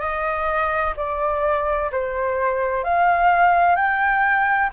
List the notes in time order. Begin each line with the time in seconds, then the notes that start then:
0.00 D#5
0.97 D5
1.91 C5
2.84 F5
3.76 G5